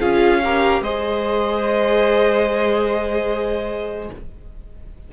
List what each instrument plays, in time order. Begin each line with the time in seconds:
0.00 cello C#4, viola F4, violin G#4 F5
0.44 viola G4, violin A#4
0.81 cello G#3, viola G#4, violin C5 D#5